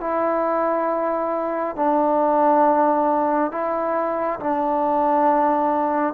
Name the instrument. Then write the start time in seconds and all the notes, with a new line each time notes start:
trombone
0.00 E4
1.76 D4
3.51 E4
4.40 D4